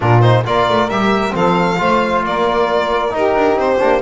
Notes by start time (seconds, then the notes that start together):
0.00 A#2 D4 F4 A#4
0.21 D#4 C5
0.45 A#3 F4 A#4 D5
0.69 A3
0.88 G3 G4 E5
1.31 F3 C4 A4 F5
1.78 A3 F4 C5
2.23 A#3 A#4 D5
3.10 D#4 G4 A#4
3.35 D4
3.55 C4 C5
3.79 A#3 D4